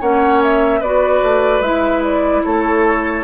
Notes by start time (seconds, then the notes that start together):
0.00 A#3 C#4 C#5 F#5
0.43 E5
0.80 B3 F#4 B4 D5
1.22 A3
1.60 G#3 E4 E5
2.03 D5
2.44 A3 A4 C#5